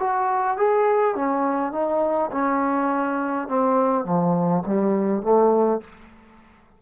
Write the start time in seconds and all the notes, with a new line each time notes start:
0.00 F#4
0.57 G#4
1.15 C#4
1.72 D#4
2.32 C#4
3.48 C4
4.05 F3
4.67 G3
5.23 A3